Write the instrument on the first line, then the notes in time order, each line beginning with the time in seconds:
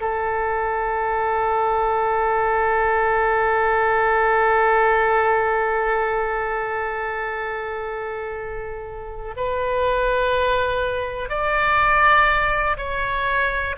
oboe
0.00 A4
9.36 B4
11.29 D5
12.77 C#5